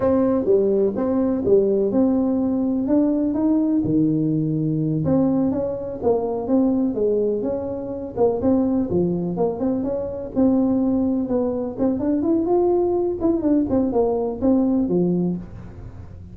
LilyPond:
\new Staff \with { instrumentName = "tuba" } { \time 4/4 \tempo 4 = 125 c'4 g4 c'4 g4 | c'2 d'4 dis'4 | dis2~ dis8 c'4 cis'8~ | cis'8 ais4 c'4 gis4 cis'8~ |
cis'4 ais8 c'4 f4 ais8 | c'8 cis'4 c'2 b8~ | b8 c'8 d'8 e'8 f'4. e'8 | d'8 c'8 ais4 c'4 f4 | }